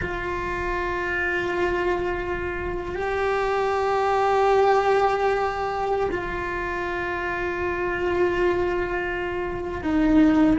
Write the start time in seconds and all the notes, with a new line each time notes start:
0.01 F4
2.95 G4
6.11 F4
9.82 D#4